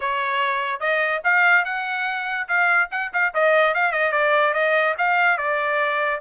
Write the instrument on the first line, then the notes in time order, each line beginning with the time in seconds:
trumpet
0.00 C#5
0.80 D#5
1.24 F5
1.64 F#5
2.48 F5
2.91 F#5
3.13 F5
3.34 D#5
3.74 F5
3.91 D#5
4.12 D5
4.53 D#5
4.97 F5
5.37 D5